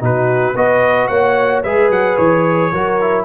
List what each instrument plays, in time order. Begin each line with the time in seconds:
0.00 tuba B2, trombone D#4, horn F#4, trumpet B4
0.55 tuba B3, trombone F#4, horn B4, trumpet D#5
1.07 tuba A#3, horn C#5, trumpet F#5
1.63 tuba G#3, trombone G#4, horn B4, trumpet E5
1.89 tuba F#3, trumpet F#5
2.17 tuba E3, trumpet C#5
2.72 tuba F#3, trombone F#4, horn A#4
3.01 trombone E4